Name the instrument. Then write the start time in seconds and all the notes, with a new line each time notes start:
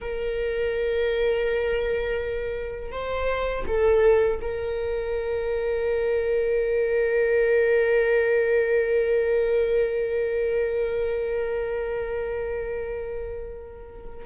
viola
0.01 A#4
2.91 C5
3.67 A4
4.41 A#4